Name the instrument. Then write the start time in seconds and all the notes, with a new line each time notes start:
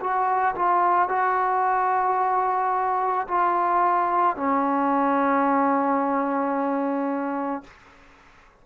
trombone
0.00 F#4
0.55 F4
1.09 F#4
3.28 F4
4.36 C#4